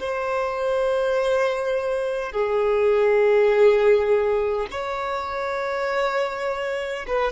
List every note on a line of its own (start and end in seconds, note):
0.00 2.32 C5
2.32 4.67 G#4
4.71 7.06 C#5
7.07 7.33 B4